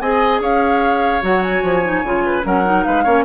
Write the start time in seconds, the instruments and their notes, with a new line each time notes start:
0.00 bassoon C4, clarinet G#4, oboe D#5, flute G#5
0.40 bassoon C#4, oboe C#5, flute F5
1.21 bassoon F#3, clarinet F#4, flute F#5
1.42 flute G#5
1.62 bassoon F3
1.83 clarinet D#4
2.03 bassoon C#3, clarinet F4
2.25 oboe B4
2.42 bassoon F#3, clarinet C#4, oboe A#4, flute F#5
2.64 clarinet D#4
2.83 bassoon G#3, oboe B4, flute F5
3.03 bassoon A#3, clarinet C#4, oboe C#5